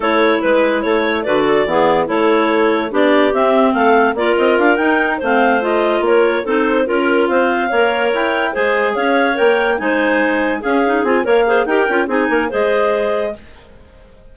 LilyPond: <<
  \new Staff \with { instrumentName = "clarinet" } { \time 4/4 \tempo 4 = 144 cis''4 b'4 cis''4 d''4~ | d''4 cis''2 d''4 | e''4 f''4 d''8 dis''8 f''8 g''8~ | g''8 f''4 dis''4 cis''4 c''8~ |
c''8 ais'4 f''2 g''8~ | g''8 gis''4 f''4 g''4 gis''8~ | gis''4. f''4 gis''8 f''4 | g''4 gis''4 dis''2 | }
  \new Staff \with { instrumentName = "clarinet" } { \time 4/4 a'4 b'4 a'8 cis''8 b'8 a'8 | gis'4 a'2 g'4~ | g'4 a'4 ais'2~ | ais'8 c''2 ais'4 a'8~ |
a'8 ais'4 c''4 cis''4.~ | cis''8 c''4 cis''2 c''8~ | c''4. gis'4. cis''8 c''8 | ais'4 gis'8 ais'8 c''2 | }
  \new Staff \with { instrumentName = "clarinet" } { \time 4/4 e'2. fis'4 | b4 e'2 d'4 | c'2 f'4. dis'8~ | dis'8 c'4 f'2 dis'8~ |
dis'8 f'2 ais'4.~ | ais'8 gis'2 ais'4 dis'8~ | dis'4. cis'8 dis'8 f'8 ais'8 gis'8 | g'8 f'8 dis'4 gis'2 | }
  \new Staff \with { instrumentName = "bassoon" } { \time 4/4 a4 gis4 a4 d4 | e4 a2 b4 | c'4 a4 ais8 c'8 d'8 dis'8~ | dis'8 a2 ais4 c'8~ |
c'8 cis'4 c'4 ais4 e'8~ | e'8 gis4 cis'4 ais4 gis8~ | gis4. cis'4 c'8 ais4 | dis'8 cis'8 c'8 ais8 gis2 | }
>>